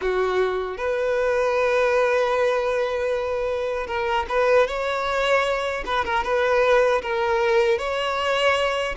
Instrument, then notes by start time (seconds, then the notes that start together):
violin
0.01 F#4
0.77 B4
3.86 A#4
4.28 B4
4.67 C#5
5.85 B4
6.04 A#4
6.23 B4
7.02 A#4
7.78 C#5